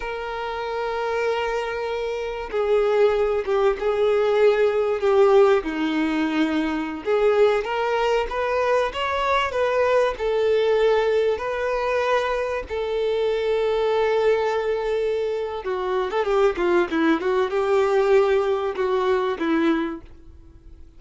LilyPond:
\new Staff \with { instrumentName = "violin" } { \time 4/4 \tempo 4 = 96 ais'1 | gis'4. g'8 gis'2 | g'4 dis'2~ dis'16 gis'8.~ | gis'16 ais'4 b'4 cis''4 b'8.~ |
b'16 a'2 b'4.~ b'16~ | b'16 a'2.~ a'8.~ | a'4 fis'8. a'16 g'8 f'8 e'8 fis'8 | g'2 fis'4 e'4 | }